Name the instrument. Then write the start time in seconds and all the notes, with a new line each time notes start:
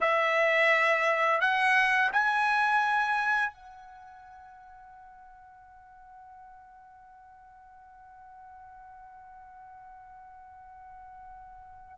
trumpet
0.00 E5
1.40 F#5
2.12 G#5
3.53 F#5